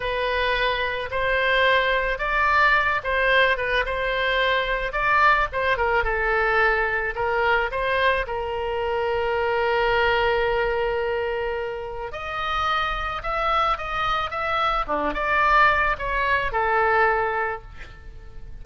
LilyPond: \new Staff \with { instrumentName = "oboe" } { \time 4/4 \tempo 4 = 109 b'2 c''2 | d''4. c''4 b'8 c''4~ | c''4 d''4 c''8 ais'8 a'4~ | a'4 ais'4 c''4 ais'4~ |
ais'1~ | ais'2 dis''2 | e''4 dis''4 e''4 d'8 d''8~ | d''4 cis''4 a'2 | }